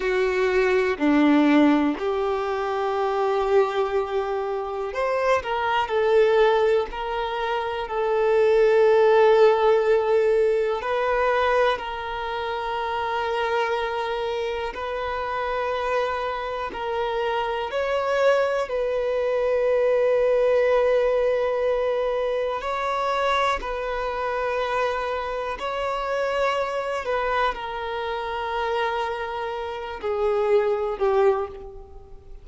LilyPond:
\new Staff \with { instrumentName = "violin" } { \time 4/4 \tempo 4 = 61 fis'4 d'4 g'2~ | g'4 c''8 ais'8 a'4 ais'4 | a'2. b'4 | ais'2. b'4~ |
b'4 ais'4 cis''4 b'4~ | b'2. cis''4 | b'2 cis''4. b'8 | ais'2~ ais'8 gis'4 g'8 | }